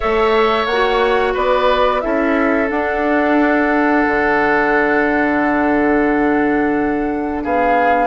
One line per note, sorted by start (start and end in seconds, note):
0.00 0.66 A3
0.00 0.68 A4
0.00 1.33 C#5
0.00 0.65 E5
0.65 1.33 A#3
0.65 1.33 F#5
0.72 2.01 F#4
1.33 2.03 B3
1.33 2.01 B4
1.33 2.00 D5
2.00 2.70 C#4
2.00 2.67 E4
2.00 7.43 A4
2.00 2.68 E5
2.67 8.07 D4
2.67 4.05 D4
2.67 7.41 F#5
4.06 7.44 D3
7.43 8.07 B3
7.43 8.07 G#4
7.43 8.07 F5